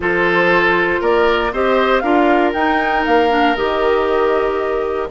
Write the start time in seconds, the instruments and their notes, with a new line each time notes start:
0.00 bassoon F3, clarinet F4, oboe A4, flute C5
1.00 bassoon A#3, oboe A#4, flute D5
1.52 bassoon C4, clarinet G4, oboe C5, flute D#5
1.99 bassoon D4, clarinet F4, oboe A#4, flute F5
2.53 bassoon D#4, clarinet D#4, flute G5
3.05 bassoon A#3, flute F5
3.29 clarinet D4
3.56 bassoon D#3, clarinet G4, flute D#5